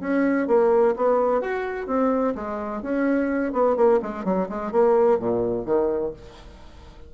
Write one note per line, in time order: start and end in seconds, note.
0.00 0.47 C#4
0.47 0.94 A#3
0.96 1.41 B3
1.41 1.87 F#4
1.87 2.34 C4
2.35 2.82 G#3
2.82 3.52 C#4
3.52 3.76 B3
3.76 4.00 A#3
4.02 4.24 G#3
4.24 4.48 F#3
4.49 4.72 G#3
4.72 5.19 A#3
5.19 5.65 A#2
5.65 6.13 D#3